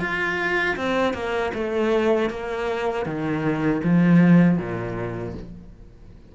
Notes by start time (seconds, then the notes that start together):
0.00 F4
0.77 C4
1.14 A#3
1.54 A3
2.30 A#3
3.06 D#3
3.84 F3
4.58 A#2